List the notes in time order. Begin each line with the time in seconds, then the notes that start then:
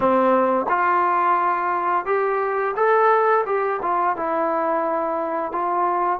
0.00 C4
0.68 F4
2.05 G4
2.76 A4
3.45 G4
3.82 F4
4.16 E4
5.51 F4